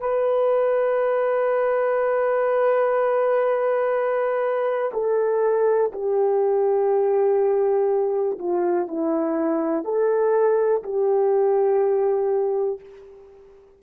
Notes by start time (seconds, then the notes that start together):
0.00 B4
4.93 A4
5.92 G4
8.39 F4
8.87 E4
9.85 A4
10.83 G4